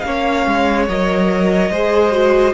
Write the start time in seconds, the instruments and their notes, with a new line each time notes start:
0.00 cello A#3, viola C#4, violin F5
0.06 violin C#5
0.47 cello G#3
0.88 cello F#3, viola A#4, violin D#5
1.70 cello G#3, viola G#4, violin C5
2.11 viola F#4